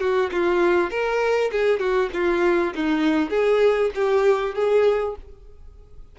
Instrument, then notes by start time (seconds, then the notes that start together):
violin
0.00 F#4
0.31 F4
0.90 A#4
1.51 G#4
1.79 F#4
2.13 F4
2.75 D#4
3.30 G#4
3.94 G4
4.55 G#4